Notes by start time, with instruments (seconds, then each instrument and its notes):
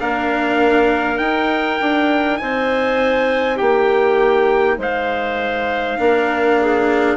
0.00 bassoon A#3, cello D4, clarinet A#4, trumpet F5
1.18 cello D#4, bassoon D#4, trumpet G5
1.81 bassoon D4
2.37 bassoon C4, clarinet C5, trumpet G#5
3.56 bassoon A#3, clarinet G4, trumpet G5
4.78 bassoon G#3, clarinet C5, trumpet F5
5.98 bassoon A#3, cello D4, clarinet A#4
6.61 clarinet G#4